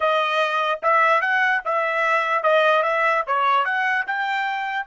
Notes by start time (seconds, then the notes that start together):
0.00 D#5
0.82 E5
1.21 F#5
1.65 E5
2.43 D#5
2.82 E5
3.26 C#5
3.64 F#5
4.07 G5